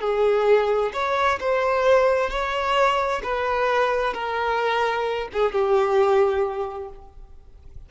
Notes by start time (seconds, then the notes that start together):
0.00 G#4
0.93 C#5
1.40 C5
2.30 C#5
3.23 B4
4.13 A#4
5.33 G#4
5.51 G4